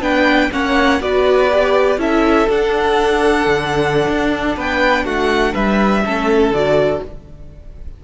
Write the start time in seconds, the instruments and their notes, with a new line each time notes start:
0.00 cello B3, viola D4, violin B4 G5
0.51 cello A#3, viola C#4, violin C#5 F#5
1.00 cello B3, viola F#4, violin B4 D5
1.51 viola G4
1.97 cello C#4, viola E4, violin A4 E5
2.49 cello D4, viola D4, violin F#5
3.46 cello D3
4.08 cello D4
4.56 cello B3, violin B4 G5
5.04 cello A3, violin F#4 F#5
5.53 cello G3, violin B4 E5
6.05 cello A3, viola C#4, violin A4
6.50 cello D3, viola F#4, violin D5